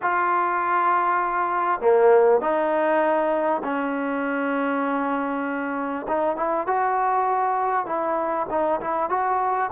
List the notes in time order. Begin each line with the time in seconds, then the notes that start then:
0.02 F4
1.80 A#3
2.40 D#4
3.63 C#4
6.07 D#4
6.36 E4
6.66 F#4
7.86 E4
8.50 D#4
8.80 E4
9.09 F#4